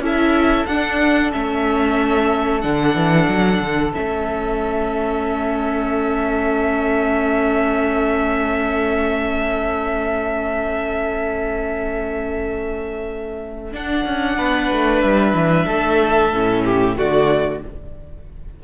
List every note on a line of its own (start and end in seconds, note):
0.00 0.65 C#4
0.00 0.67 E4
0.00 14.38 A4
0.06 0.66 E5
0.66 1.32 D4
0.66 1.32 F#5
1.32 2.64 A3
1.32 2.62 C#4
1.32 2.62 E5
2.62 2.95 D3
2.62 3.93 D4
2.62 3.92 F#5
2.95 3.28 E3
3.28 3.61 F#3
3.61 3.94 D3
3.95 13.74 A3
3.95 13.72 C#4
3.95 13.73 E5
13.72 16.33 D4
13.72 14.05 D4
13.72 15.02 F#5
14.05 14.38 C#4
14.38 14.71 B3
14.38 15.65 B4
14.72 15.04 A3
15.02 15.34 G3
15.02 16.97 E5
15.34 15.67 E3
15.65 16.33 A3
15.65 16.63 A4
16.33 16.99 A2
16.33 16.97 C#4
16.65 16.98 G4
16.97 17.64 D3
16.97 17.62 A3
16.97 17.63 F#4
16.97 17.64 D5